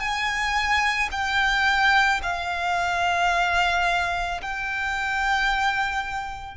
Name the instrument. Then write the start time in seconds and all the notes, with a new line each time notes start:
violin
0.00 G#5
1.12 G5
2.23 F5
4.42 G5